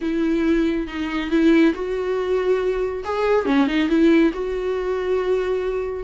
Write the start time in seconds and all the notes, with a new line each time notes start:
0.01 E4
0.87 D#4
1.30 E4
1.74 F#4
3.04 G#4
3.45 C#4
3.67 D#4
3.88 E4
4.33 F#4